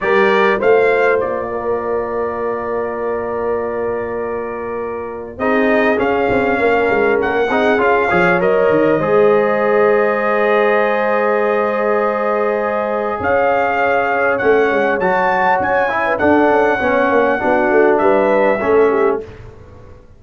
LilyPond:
<<
  \new Staff \with { instrumentName = "trumpet" } { \time 4/4 \tempo 4 = 100 d''4 f''4 d''2~ | d''1~ | d''4 dis''4 f''2 | fis''4 f''4 dis''2~ |
dis''1~ | dis''2 f''2 | fis''4 a''4 gis''4 fis''4~ | fis''2 e''2 | }
  \new Staff \with { instrumentName = "horn" } { \time 4/4 ais'4 c''4. ais'4.~ | ais'1~ | ais'4 gis'2 ais'4~ | ais'8 gis'4 cis''4. c''4~ |
c''1~ | c''2 cis''2~ | cis''2~ cis''8. b'16 a'4 | cis''4 fis'4 b'4 a'8 g'8 | }
  \new Staff \with { instrumentName = "trombone" } { \time 4/4 g'4 f'2.~ | f'1~ | f'4 dis'4 cis'2~ | cis'8 dis'8 f'8 gis'8 ais'4 gis'4~ |
gis'1~ | gis'1 | cis'4 fis'4. e'8 d'4 | cis'4 d'2 cis'4 | }
  \new Staff \with { instrumentName = "tuba" } { \time 4/4 g4 a4 ais2~ | ais1~ | ais4 c'4 cis'8 c'8 ais8 gis8 | ais8 c'8 cis'8 f8 fis8 dis8 gis4~ |
gis1~ | gis2 cis'2 | a8 gis8 fis4 cis'4 d'8 cis'8 | b8 ais8 b8 a8 g4 a4 | }
>>